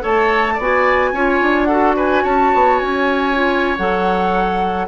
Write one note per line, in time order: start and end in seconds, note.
0.00 0.59 A3
0.00 0.56 A4
0.00 0.54 C#5
0.00 0.60 A5
0.54 1.12 B3
0.54 1.09 D5
0.61 1.15 F#4
0.61 1.65 G#5
1.12 1.40 C#4
1.12 1.70 F4
1.12 1.68 C#5
1.41 2.24 D4
1.65 3.34 F#4
1.65 1.96 A4
1.65 1.92 F#5
1.96 2.23 B4
1.96 2.24 G#5
2.23 2.52 C#4
2.23 4.87 C#5
2.23 2.79 A5
2.54 2.81 B3
2.79 3.78 C#4
2.79 3.76 G#5
3.34 3.76 F4
3.77 4.88 F#3
3.77 4.88 A4
3.77 4.88 F#5